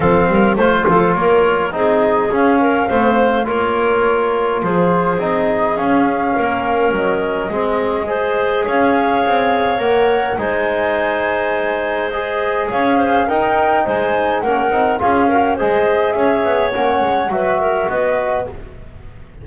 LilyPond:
<<
  \new Staff \with { instrumentName = "flute" } { \time 4/4 \tempo 4 = 104 f''4 c''4 cis''4 dis''4 | f''2 cis''2 | c''4 dis''4 f''2 | dis''2. f''4~ |
f''4 fis''4 gis''2~ | gis''4 dis''4 f''4 g''4 | gis''4 fis''4 f''4 dis''4 | e''4 fis''4 e''4 dis''4 | }
  \new Staff \with { instrumentName = "clarinet" } { \time 4/4 a'8 ais'8 c''8 a'8 ais'4 gis'4~ | gis'8 ais'8 c''4 ais'2 | gis'2. ais'4~ | ais'4 gis'4 c''4 cis''4~ |
cis''2 c''2~ | c''2 cis''8 c''8 ais'4 | c''4 ais'4 gis'8 ais'8 c''4 | cis''2 b'8 ais'8 b'4 | }
  \new Staff \with { instrumentName = "trombone" } { \time 4/4 c'4 f'2 dis'4 | cis'4 c'4 f'2~ | f'4 dis'4 cis'2~ | cis'4 c'4 gis'2~ |
gis'4 ais'4 dis'2~ | dis'4 gis'2 dis'4~ | dis'4 cis'8 dis'8 f'8 fis'8 gis'4~ | gis'4 cis'4 fis'2 | }
  \new Staff \with { instrumentName = "double bass" } { \time 4/4 f8 g8 a8 f8 ais4 c'4 | cis'4 a4 ais2 | f4 c'4 cis'4 ais4 | fis4 gis2 cis'4 |
c'4 ais4 gis2~ | gis2 cis'4 dis'4 | gis4 ais8 c'8 cis'4 gis4 | cis'8 b8 ais8 gis8 fis4 b4 | }
>>